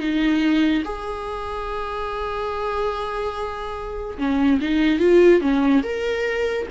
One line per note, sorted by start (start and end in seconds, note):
0.00 0.83 D#4
0.85 4.18 G#4
4.19 4.60 C#4
4.61 5.00 D#4
5.00 5.41 F4
5.41 5.83 C#4
5.84 6.67 A#4